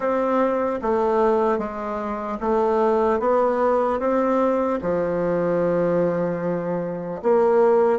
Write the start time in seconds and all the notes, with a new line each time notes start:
0.00 C4
0.82 A3
1.58 G#3
2.40 A3
3.19 B3
3.99 C4
4.81 F3
7.22 A#3